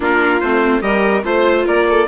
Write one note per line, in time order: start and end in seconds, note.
0.00 0.42 A#3
0.00 0.42 D4
0.00 0.82 F4
0.00 0.41 A#4
0.41 0.81 A3
0.41 0.81 C4
0.41 0.81 C5
0.81 1.23 G3
0.81 1.23 G4
0.81 1.24 A#4
0.81 1.23 D#5
1.24 1.66 A3
1.24 2.07 F4
1.24 1.67 C5
1.24 1.65 C5
1.65 2.07 A#3
1.65 1.86 A#4
1.65 2.07 D5
1.89 2.07 A4